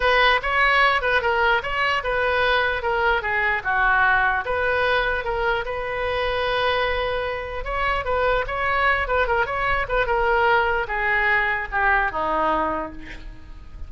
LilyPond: \new Staff \with { instrumentName = "oboe" } { \time 4/4 \tempo 4 = 149 b'4 cis''4. b'8 ais'4 | cis''4 b'2 ais'4 | gis'4 fis'2 b'4~ | b'4 ais'4 b'2~ |
b'2. cis''4 | b'4 cis''4. b'8 ais'8 cis''8~ | cis''8 b'8 ais'2 gis'4~ | gis'4 g'4 dis'2 | }